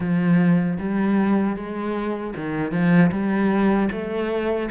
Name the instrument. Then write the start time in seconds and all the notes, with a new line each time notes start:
cello
0.00 F3
0.79 G3
1.56 G#3
2.36 D#3
2.71 F3
3.11 G3
3.91 A3